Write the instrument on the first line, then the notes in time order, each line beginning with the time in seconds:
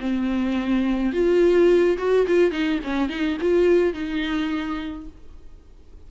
viola
0.00 C4
1.13 F4
1.98 F#4
2.27 F4
2.51 D#4
2.84 C#4
3.09 D#4
3.41 F4
3.94 D#4